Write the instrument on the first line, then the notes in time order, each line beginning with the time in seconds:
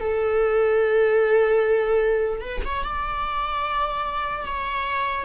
viola
0.00 A4
2.41 B4
2.65 C#5
2.84 D5
4.46 C#5